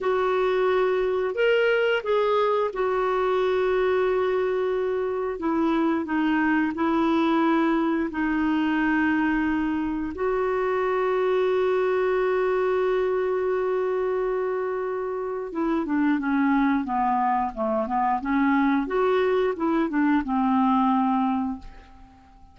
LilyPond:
\new Staff \with { instrumentName = "clarinet" } { \time 4/4 \tempo 4 = 89 fis'2 ais'4 gis'4 | fis'1 | e'4 dis'4 e'2 | dis'2. fis'4~ |
fis'1~ | fis'2. e'8 d'8 | cis'4 b4 a8 b8 cis'4 | fis'4 e'8 d'8 c'2 | }